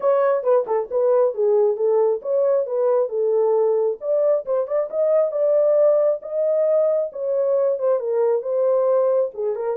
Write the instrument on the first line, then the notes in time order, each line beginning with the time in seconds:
horn
0.00 C#5
0.43 B4
0.66 A4
0.91 B4
1.34 G#4
1.76 A4
2.21 C#5
2.66 B4
3.08 A4
4.01 D5
4.45 C5
4.67 D5
4.90 D#5
5.31 D5
6.21 D#5
7.12 C#5
7.78 C5
7.99 A#4
8.42 C5
9.34 G#4
9.55 A#4